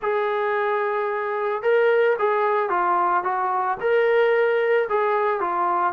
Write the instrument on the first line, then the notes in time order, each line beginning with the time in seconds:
trombone
0.01 G#4
1.62 A#4
2.18 G#4
2.69 F4
3.23 F#4
3.80 A#4
4.89 G#4
5.40 F4